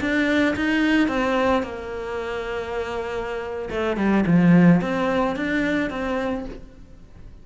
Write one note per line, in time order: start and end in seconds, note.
0.00 0.55 D4
0.56 1.08 D#4
1.08 1.63 C4
1.63 3.69 A#3
3.70 3.97 A3
3.97 4.24 G3
4.26 4.81 F3
4.81 5.36 C4
5.36 5.90 D4
5.90 6.45 C4